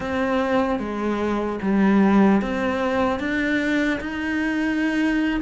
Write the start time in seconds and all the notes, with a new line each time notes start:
0.00 C4
0.79 G#3
1.62 G3
2.41 C4
3.19 D4
4.00 D#4